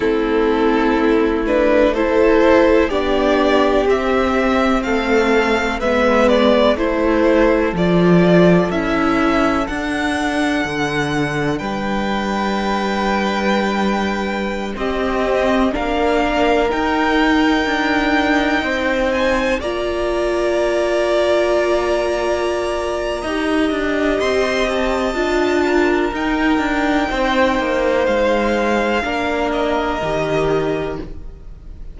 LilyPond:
<<
  \new Staff \with { instrumentName = "violin" } { \time 4/4 \tempo 4 = 62 a'4. b'8 c''4 d''4 | e''4 f''4 e''8 d''8 c''4 | d''4 e''4 fis''2 | g''2.~ g''16 dis''8.~ |
dis''16 f''4 g''2~ g''8 gis''16~ | gis''16 ais''2.~ ais''8.~ | ais''4 c'''8 a''4. g''4~ | g''4 f''4. dis''4. | }
  \new Staff \with { instrumentName = "violin" } { \time 4/4 e'2 a'4 g'4~ | g'4 a'4 b'4 a'4~ | a'1 | b'2.~ b'16 g'8.~ |
g'16 ais'2. c''8.~ | c''16 d''2.~ d''8. | dis''2~ dis''8 ais'4. | c''2 ais'2 | }
  \new Staff \with { instrumentName = "viola" } { \time 4/4 c'4. d'8 e'4 d'4 | c'2 b4 e'4 | f'4 e'4 d'2~ | d'2.~ d'16 c'8.~ |
c'16 d'4 dis'2~ dis'8.~ | dis'16 f'2.~ f'8. | g'2 f'4 dis'4~ | dis'2 d'4 g'4 | }
  \new Staff \with { instrumentName = "cello" } { \time 4/4 a2. b4 | c'4 a4 gis4 a4 | f4 cis'4 d'4 d4 | g2.~ g16 c'8.~ |
c'16 ais4 dis'4 d'4 c'8.~ | c'16 ais2.~ ais8. | dis'8 d'8 c'4 d'4 dis'8 d'8 | c'8 ais8 gis4 ais4 dis4 | }
>>